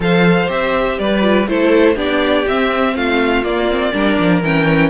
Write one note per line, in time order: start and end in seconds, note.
0.00 0.47 F3
0.00 0.47 A4
0.00 0.99 C5
0.00 0.50 F5
0.47 0.98 C4
0.47 1.20 G4
0.47 0.98 E5
0.98 1.47 G3
0.98 1.49 B4
0.98 1.47 D5
1.21 1.45 F4
1.47 1.96 A3
1.47 1.95 E4
1.47 1.95 A4
1.47 1.97 C5
1.95 2.45 B3
1.95 2.45 D4
1.95 2.93 G4
1.95 2.47 D5
2.46 3.44 C4
2.46 2.95 C4
2.46 2.95 E5
2.95 3.43 A3
2.95 3.93 F4
2.95 3.44 F5
3.43 3.92 A#3
3.43 3.69 A#3
3.43 4.42 D5
3.70 3.92 C4
3.92 4.18 G3
3.92 4.41 D4
3.92 4.90 A#4
4.18 4.42 F3
4.42 4.90 E3
4.42 4.90 C#4
4.42 4.90 G5